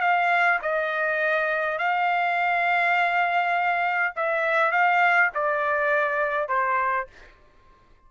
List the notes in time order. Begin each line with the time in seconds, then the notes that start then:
0.00 F5
0.62 D#5
1.78 F5
4.16 E5
4.71 F5
5.34 D5
6.48 C5